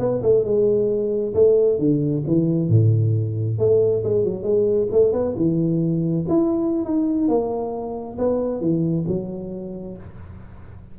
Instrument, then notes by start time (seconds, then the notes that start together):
tuba
0.00 B3
0.23 A3
0.45 G#3
1.35 A3
1.79 D3
2.27 E3
2.69 A2
3.59 A3
4.04 G#3
4.25 F#3
4.44 G#3
4.92 A3
5.13 B3
5.37 E3
6.29 E4
6.85 D#4
7.28 A#3
8.19 B3
8.61 E3
9.08 F#3